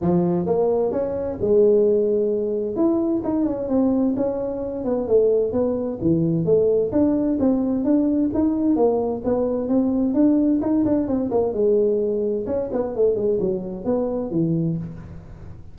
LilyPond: \new Staff \with { instrumentName = "tuba" } { \time 4/4 \tempo 4 = 130 f4 ais4 cis'4 gis4~ | gis2 e'4 dis'8 cis'8 | c'4 cis'4. b8 a4 | b4 e4 a4 d'4 |
c'4 d'4 dis'4 ais4 | b4 c'4 d'4 dis'8 d'8 | c'8 ais8 gis2 cis'8 b8 | a8 gis8 fis4 b4 e4 | }